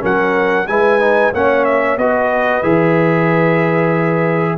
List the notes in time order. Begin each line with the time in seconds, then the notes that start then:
0.00 F#3 C#4 A#4 F#5
0.67 G#3 E4 B4 G#5
1.00 D#4
1.33 A#3 C#4 C#5 F#5
1.64 E5
1.97 B3 F#4 B4 D#5
2.63 E3 G#4 E5